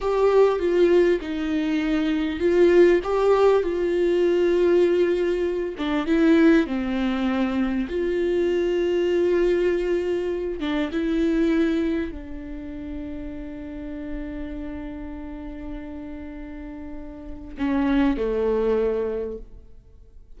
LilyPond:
\new Staff \with { instrumentName = "viola" } { \time 4/4 \tempo 4 = 99 g'4 f'4 dis'2 | f'4 g'4 f'2~ | f'4. d'8 e'4 c'4~ | c'4 f'2.~ |
f'4. d'8 e'2 | d'1~ | d'1~ | d'4 cis'4 a2 | }